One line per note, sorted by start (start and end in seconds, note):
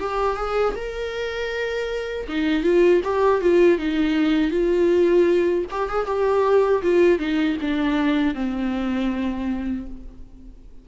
0.00 0.37 G4
0.37 0.75 G#4
0.76 2.28 A#4
2.29 2.63 D#4
2.63 3.01 F4
3.04 3.41 G4
3.41 3.78 F4
3.78 4.51 D#4
4.51 5.65 F4
5.71 5.90 G4
5.90 6.06 G#4
6.06 6.82 G4
6.83 7.19 F4
7.19 7.57 D#4
7.61 8.35 D4
8.35 9.87 C4